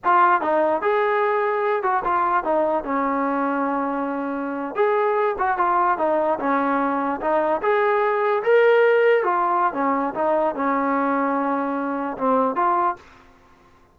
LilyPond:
\new Staff \with { instrumentName = "trombone" } { \time 4/4 \tempo 4 = 148 f'4 dis'4 gis'2~ | gis'8 fis'8 f'4 dis'4 cis'4~ | cis'2.~ cis'8. gis'16~ | gis'4~ gis'16 fis'8 f'4 dis'4 cis'16~ |
cis'4.~ cis'16 dis'4 gis'4~ gis'16~ | gis'8. ais'2 f'4~ f'16 | cis'4 dis'4 cis'2~ | cis'2 c'4 f'4 | }